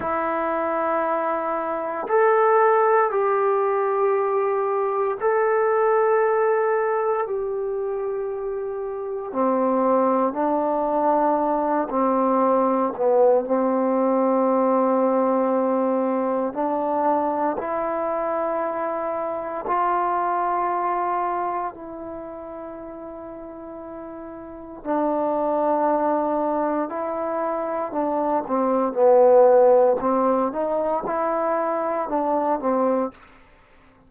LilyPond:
\new Staff \with { instrumentName = "trombone" } { \time 4/4 \tempo 4 = 58 e'2 a'4 g'4~ | g'4 a'2 g'4~ | g'4 c'4 d'4. c'8~ | c'8 b8 c'2. |
d'4 e'2 f'4~ | f'4 e'2. | d'2 e'4 d'8 c'8 | b4 c'8 dis'8 e'4 d'8 c'8 | }